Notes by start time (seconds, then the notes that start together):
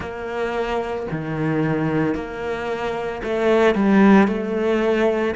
0.00 A#3
1.11 D#3
2.14 A#3
3.23 A3
3.75 G3
4.27 A3